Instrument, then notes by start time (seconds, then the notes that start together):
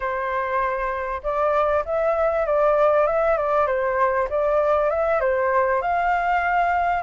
flute
0.00 C5
1.23 D5
1.85 E5
2.46 D5
3.06 E5
3.37 D5
3.67 C5
4.29 D5
4.90 E5
5.20 C5
5.81 F5